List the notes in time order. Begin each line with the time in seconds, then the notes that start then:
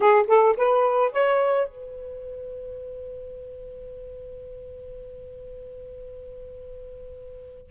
0.00 G#4
0.27 A4
0.56 B4
1.12 C#5
1.68 B4